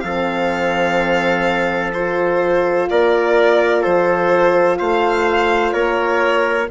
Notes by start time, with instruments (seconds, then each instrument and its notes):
0.00 bassoon F3, horn C4, trumpet A4, violin F5
1.94 horn F4, violin C5
2.90 bassoon A#3, trumpet A#4, violin D5
3.82 bassoon F3, trumpet A4, violin C5
4.79 bassoon A3, trumpet C5, violin F5
5.73 bassoon A#3, trumpet A#4, violin C#5